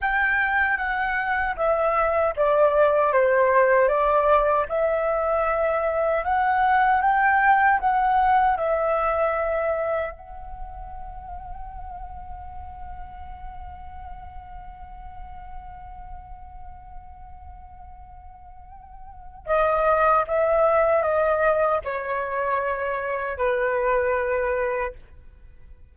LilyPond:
\new Staff \with { instrumentName = "flute" } { \time 4/4 \tempo 4 = 77 g''4 fis''4 e''4 d''4 | c''4 d''4 e''2 | fis''4 g''4 fis''4 e''4~ | e''4 fis''2.~ |
fis''1~ | fis''1~ | fis''4 dis''4 e''4 dis''4 | cis''2 b'2 | }